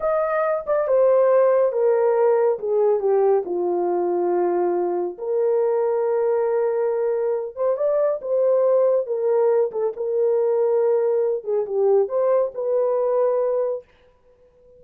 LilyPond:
\new Staff \with { instrumentName = "horn" } { \time 4/4 \tempo 4 = 139 dis''4. d''8 c''2 | ais'2 gis'4 g'4 | f'1 | ais'1~ |
ais'4. c''8 d''4 c''4~ | c''4 ais'4. a'8 ais'4~ | ais'2~ ais'8 gis'8 g'4 | c''4 b'2. | }